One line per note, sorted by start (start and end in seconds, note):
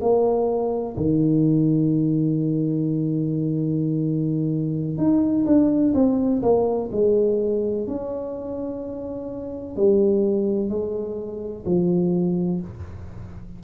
0.00 0.95 A#3
0.96 4.97 D#3
4.97 5.45 D#4
5.45 5.93 D4
5.94 6.42 C4
6.42 6.90 A#3
6.92 7.87 G#3
7.87 9.76 C#4
9.76 10.69 G3
10.69 11.65 G#3
11.65 12.60 F3